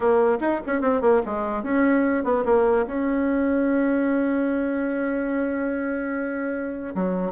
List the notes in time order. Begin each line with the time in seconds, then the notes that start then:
0.00 A#3
0.40 D#4
0.66 C#4
0.81 C4
1.01 A#3
1.25 G#3
1.63 C#4
2.24 B3
2.45 A#3
2.86 C#4
6.94 F#3